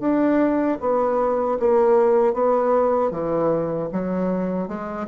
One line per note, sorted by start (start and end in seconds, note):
0.00 0.78 D4
0.81 1.59 B3
1.60 2.34 A#3
2.34 3.11 B3
3.11 3.89 E3
3.93 4.68 F#3
4.68 5.07 G#3